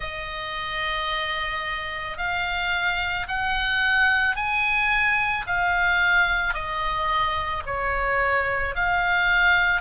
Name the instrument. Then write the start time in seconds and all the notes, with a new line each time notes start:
oboe
0.00 D#5
2.17 F5
3.27 F#5
4.36 G#5
5.46 F5
6.54 D#5
7.66 C#5
8.75 F5